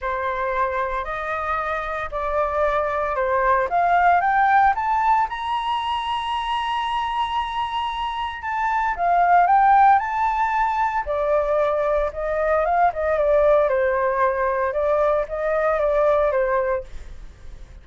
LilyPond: \new Staff \with { instrumentName = "flute" } { \time 4/4 \tempo 4 = 114 c''2 dis''2 | d''2 c''4 f''4 | g''4 a''4 ais''2~ | ais''1 |
a''4 f''4 g''4 a''4~ | a''4 d''2 dis''4 | f''8 dis''8 d''4 c''2 | d''4 dis''4 d''4 c''4 | }